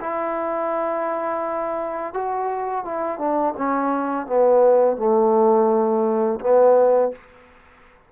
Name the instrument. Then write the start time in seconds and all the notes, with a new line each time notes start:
trombone
0.00 E4
2.14 F#4
2.85 E4
3.19 D4
3.57 C#4
4.26 B3
4.97 A3
6.40 B3